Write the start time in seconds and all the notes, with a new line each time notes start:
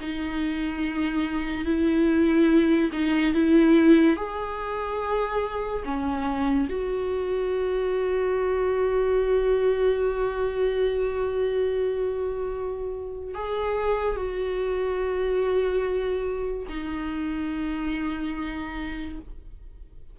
0.00 D#4
1.65 E4
2.92 D#4
3.34 E4
4.16 G#4
5.84 C#4
6.69 F#4
13.34 G#4
14.16 F#4
16.69 D#4